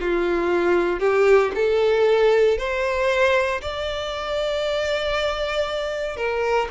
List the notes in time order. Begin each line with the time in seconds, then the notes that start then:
0.00 F4
1.00 G4
1.55 A4
2.57 C5
3.61 D5
6.16 A#4